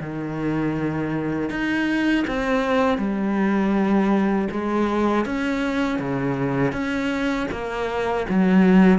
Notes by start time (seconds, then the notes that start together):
0.00 D#3
1.49 D#4
2.27 C4
2.98 G3
4.51 G#3
5.25 C#4
5.98 C#3
6.72 C#4
7.51 A#3
8.29 F#3